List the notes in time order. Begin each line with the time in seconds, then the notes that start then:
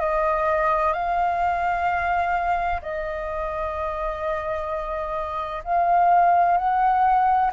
0.00 D#5
0.93 F5
2.82 D#5
5.64 F5
6.58 F#5